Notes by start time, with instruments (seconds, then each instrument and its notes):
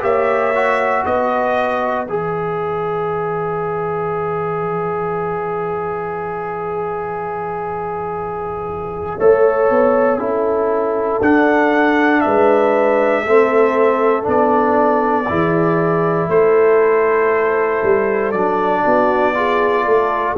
0.00 tuba A#3, trombone G4, horn C#5, trumpet E5
0.54 trombone F#4
1.03 tuba B3, horn B4, trumpet D#5
2.06 tuba E3, trombone G#4, trumpet E5
9.18 tuba A3, trombone A4, horn C#5
9.70 tuba B3
10.18 tuba C#4, trombone E4, horn A4
11.21 tuba D4, trombone D4, trumpet F#5
12.20 tuba G#3, horn B4, trumpet E5
13.23 tuba A3, trombone C4, horn A4
14.22 tuba B3, trombone D4
14.28 trumpet D5
15.28 tuba E3, trombone E4, horn G#4
16.28 tuba A3, horn A4, trumpet C5
17.83 tuba G3
18.31 tuba F#3, trombone D4, trumpet D5
18.83 tuba B3, horn F#4
19.34 trombone F4, horn G#4
19.84 tuba A3, horn A4